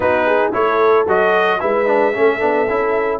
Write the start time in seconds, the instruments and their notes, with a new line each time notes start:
0.00 tuba B3, trombone D#4, horn F#4, trumpet B4
0.26 horn G#4
0.52 tuba A3, trombone E4, horn A4, trumpet C#5
1.06 tuba F#3, trombone F#4, trumpet D#5
1.59 tuba G#3, trombone E4, horn B4, trumpet E5
1.86 trombone D4
2.13 tuba A3, trombone C#4, horn A4
2.39 tuba B3, trombone D4
2.69 tuba C#4, trombone E4